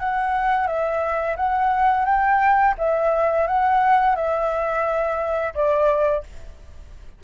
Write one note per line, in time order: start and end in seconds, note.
0.00 0.67 F#5
0.67 1.36 E5
1.37 2.06 F#5
2.06 2.75 G5
2.78 3.47 E5
3.48 4.16 F#5
4.16 5.54 E5
5.55 6.24 D5